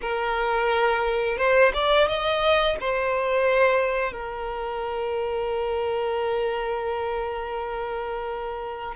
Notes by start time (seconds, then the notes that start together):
0.01 A#4
1.37 C5
1.73 D5
2.08 D#5
2.80 C5
4.12 A#4